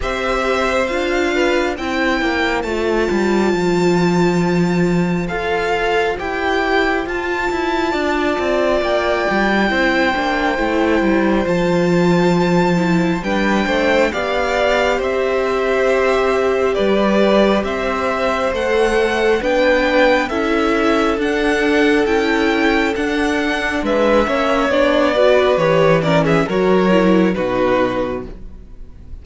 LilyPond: <<
  \new Staff \with { instrumentName = "violin" } { \time 4/4 \tempo 4 = 68 e''4 f''4 g''4 a''4~ | a''2 f''4 g''4 | a''2 g''2~ | g''4 a''2 g''4 |
f''4 e''2 d''4 | e''4 fis''4 g''4 e''4 | fis''4 g''4 fis''4 e''4 | d''4 cis''8 d''16 e''16 cis''4 b'4 | }
  \new Staff \with { instrumentName = "violin" } { \time 4/4 c''4. b'8 c''2~ | c''1~ | c''4 d''2 c''4~ | c''2. b'8 c''8 |
d''4 c''2 b'4 | c''2 b'4 a'4~ | a'2. b'8 cis''8~ | cis''8 b'4 ais'16 gis'16 ais'4 fis'4 | }
  \new Staff \with { instrumentName = "viola" } { \time 4/4 g'4 f'4 e'4 f'4~ | f'2 a'4 g'4 | f'2. e'8 d'8 | e'4 f'4. e'8 d'4 |
g'1~ | g'4 a'4 d'4 e'4 | d'4 e'4 d'4. cis'8 | d'8 fis'8 g'8 cis'8 fis'8 e'8 dis'4 | }
  \new Staff \with { instrumentName = "cello" } { \time 4/4 c'4 d'4 c'8 ais8 a8 g8 | f2 f'4 e'4 | f'8 e'8 d'8 c'8 ais8 g8 c'8 ais8 | a8 g8 f2 g8 a8 |
b4 c'2 g4 | c'4 a4 b4 cis'4 | d'4 cis'4 d'4 gis8 ais8 | b4 e4 fis4 b,4 | }
>>